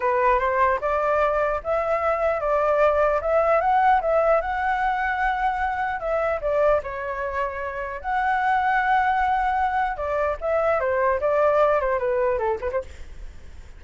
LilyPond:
\new Staff \with { instrumentName = "flute" } { \time 4/4 \tempo 4 = 150 b'4 c''4 d''2 | e''2 d''2 | e''4 fis''4 e''4 fis''4~ | fis''2. e''4 |
d''4 cis''2. | fis''1~ | fis''4 d''4 e''4 c''4 | d''4. c''8 b'4 a'8 b'16 c''16 | }